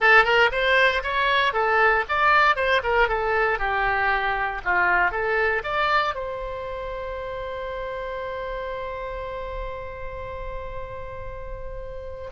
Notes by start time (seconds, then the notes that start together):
0.00 A4
0.24 A#4
0.51 C5
1.03 C#5
1.53 A4
2.08 D5
2.56 C5
2.83 A#4
3.08 A4
3.59 G4
4.64 F4
5.11 A4
5.63 D5
6.14 C5